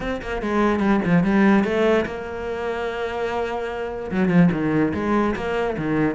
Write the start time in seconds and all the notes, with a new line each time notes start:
0.00 C4
0.22 A#3
0.42 G#3
0.79 G3
1.05 F3
1.23 G3
1.64 A3
2.05 A#3
4.11 F#3
4.28 F3
4.51 D#3
4.94 G#3
5.35 A#3
5.77 D#3